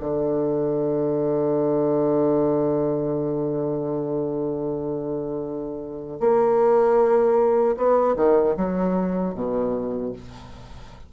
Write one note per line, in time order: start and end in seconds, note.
0.00 6.20 D3
6.20 7.76 A#3
7.77 8.16 B3
8.16 8.55 D#3
8.57 9.34 F#3
9.34 10.12 B2